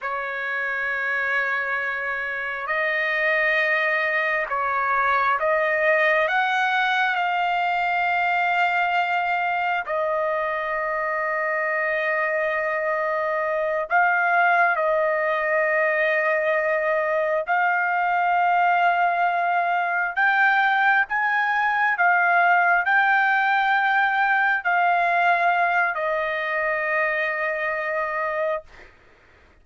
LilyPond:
\new Staff \with { instrumentName = "trumpet" } { \time 4/4 \tempo 4 = 67 cis''2. dis''4~ | dis''4 cis''4 dis''4 fis''4 | f''2. dis''4~ | dis''2.~ dis''8 f''8~ |
f''8 dis''2. f''8~ | f''2~ f''8 g''4 gis''8~ | gis''8 f''4 g''2 f''8~ | f''4 dis''2. | }